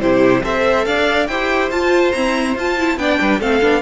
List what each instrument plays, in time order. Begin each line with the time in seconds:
0.00 cello C3, viola E4, violin G4 C5
0.43 cello C4, viola A4, violin C5 E5
0.85 cello D4, violin D5 F5
1.27 cello E4, viola G4, violin C5 G5
1.71 cello F4, viola F4, violin A5
2.12 viola C4, cello E4, violin A#5
2.56 cello F4, viola F4, violin A5
2.78 viola E4
2.97 cello B3, viola D4, violin D5 G5
3.21 cello G3, violin B4
3.40 cello A3, viola C4, violin A4 F5
3.61 cello B3, viola D4